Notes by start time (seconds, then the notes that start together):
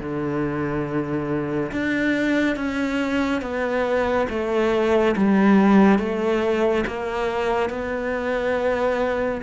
0.00 D3
1.72 D4
2.56 C#4
3.42 B3
4.29 A3
5.17 G3
5.99 A3
6.87 A#3
7.69 B3